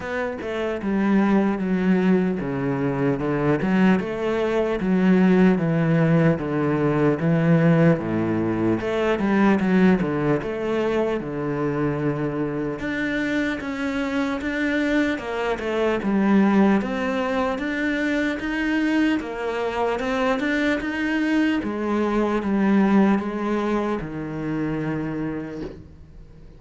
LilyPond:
\new Staff \with { instrumentName = "cello" } { \time 4/4 \tempo 4 = 75 b8 a8 g4 fis4 cis4 | d8 fis8 a4 fis4 e4 | d4 e4 a,4 a8 g8 | fis8 d8 a4 d2 |
d'4 cis'4 d'4 ais8 a8 | g4 c'4 d'4 dis'4 | ais4 c'8 d'8 dis'4 gis4 | g4 gis4 dis2 | }